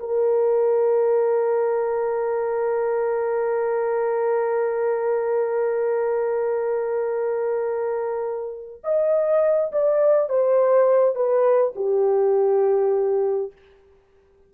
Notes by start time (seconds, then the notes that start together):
0.00 A#4
8.84 D#5
9.72 D5
10.30 C5
11.16 B4
11.76 G4